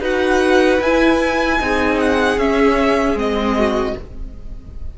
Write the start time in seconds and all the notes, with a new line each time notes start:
0.00 D#4 F#4 B4 F#5
0.80 E4 G#5
1.59 C4 D#4 G#4
1.99 F#5
2.37 C#4 E5
3.14 G#3 C4 D#5
3.57 F#4